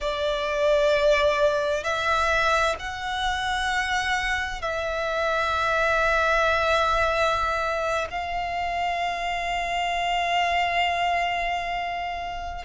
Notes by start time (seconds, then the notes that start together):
0.00 D5
1.83 E5
2.79 F#5
4.61 E5
8.10 F5